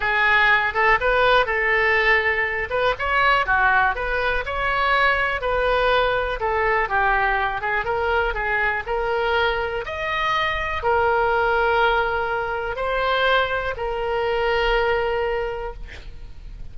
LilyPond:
\new Staff \with { instrumentName = "oboe" } { \time 4/4 \tempo 4 = 122 gis'4. a'8 b'4 a'4~ | a'4. b'8 cis''4 fis'4 | b'4 cis''2 b'4~ | b'4 a'4 g'4. gis'8 |
ais'4 gis'4 ais'2 | dis''2 ais'2~ | ais'2 c''2 | ais'1 | }